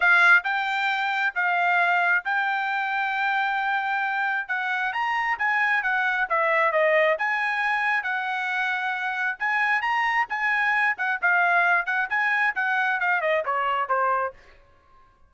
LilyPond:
\new Staff \with { instrumentName = "trumpet" } { \time 4/4 \tempo 4 = 134 f''4 g''2 f''4~ | f''4 g''2.~ | g''2 fis''4 ais''4 | gis''4 fis''4 e''4 dis''4 |
gis''2 fis''2~ | fis''4 gis''4 ais''4 gis''4~ | gis''8 fis''8 f''4. fis''8 gis''4 | fis''4 f''8 dis''8 cis''4 c''4 | }